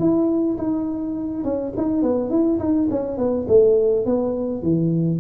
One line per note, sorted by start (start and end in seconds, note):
0.00 0.58 E4
0.58 1.44 D#4
1.44 1.73 C#4
1.77 2.03 D#4
2.03 2.30 B3
2.30 2.59 E4
2.60 2.88 D#4
2.91 3.18 C#4
3.18 3.47 B3
3.49 4.06 A3
4.06 4.63 B3
4.63 5.20 E3